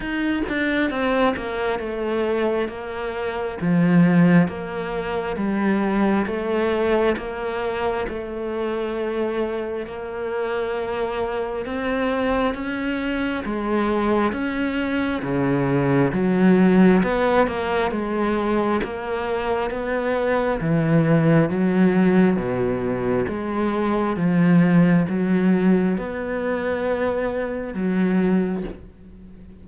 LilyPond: \new Staff \with { instrumentName = "cello" } { \time 4/4 \tempo 4 = 67 dis'8 d'8 c'8 ais8 a4 ais4 | f4 ais4 g4 a4 | ais4 a2 ais4~ | ais4 c'4 cis'4 gis4 |
cis'4 cis4 fis4 b8 ais8 | gis4 ais4 b4 e4 | fis4 b,4 gis4 f4 | fis4 b2 fis4 | }